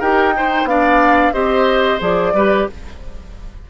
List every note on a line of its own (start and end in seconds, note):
0.00 0.64 D#4
0.00 0.34 G4
0.00 0.33 A#4
0.00 0.68 G5
0.34 0.67 D#4
0.34 0.70 C5
0.64 1.31 B3
0.64 1.33 D4
0.64 1.33 D5
0.64 1.33 F5
1.33 2.01 C4
1.33 1.99 G4
1.33 2.33 C5
1.33 2.00 D#5
1.99 2.33 F3
1.99 2.33 G#4
1.99 2.70 D5
2.33 2.67 G3
2.33 2.70 G4
2.33 2.68 B4